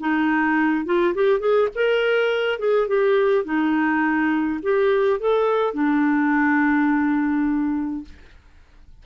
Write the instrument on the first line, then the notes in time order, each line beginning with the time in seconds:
clarinet
0.00 D#4
0.85 F4
1.15 G4
1.40 G#4
1.75 A#4
2.59 G#4
2.88 G4
3.45 D#4
4.63 G4
5.20 A4
5.74 D4